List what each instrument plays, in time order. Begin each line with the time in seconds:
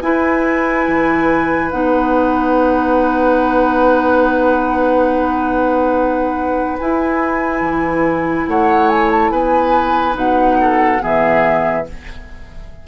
0.00 bassoon E4, clarinet E4, oboe B4, flute G#5
0.87 bassoon E3
1.71 bassoon B3, clarinet D#4, flute F#5
6.79 clarinet E4, bassoon E4, flute G#5
7.61 bassoon E3
8.47 bassoon A3, oboe C#5, flute F#5
8.89 flute G#5
9.11 flute A5
9.30 bassoon B3, oboe B4, flute G#5
10.13 bassoon B2, clarinet D#4, flute F#5
10.60 oboe A4
10.99 bassoon E3, clarinet B3, oboe G#4, flute E5